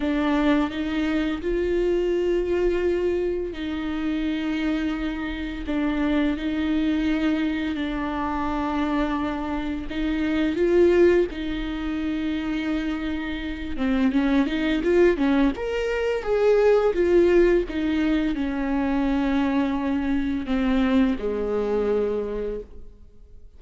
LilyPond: \new Staff \with { instrumentName = "viola" } { \time 4/4 \tempo 4 = 85 d'4 dis'4 f'2~ | f'4 dis'2. | d'4 dis'2 d'4~ | d'2 dis'4 f'4 |
dis'2.~ dis'8 c'8 | cis'8 dis'8 f'8 cis'8 ais'4 gis'4 | f'4 dis'4 cis'2~ | cis'4 c'4 gis2 | }